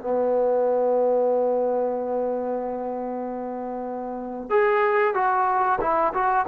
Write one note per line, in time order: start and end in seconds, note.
0.00 4.50 B3
4.50 5.14 G#4
5.14 5.79 F#4
5.81 6.13 E4
6.13 6.46 F#4